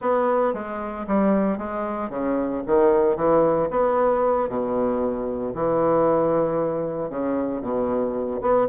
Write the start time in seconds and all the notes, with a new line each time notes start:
0.01 B3
0.53 G#3
1.07 G3
1.58 G#3
2.09 C#3
2.66 D#3
3.16 E3
3.70 B3
4.49 B2
5.54 E3
7.09 C#3
7.61 B2
8.41 B3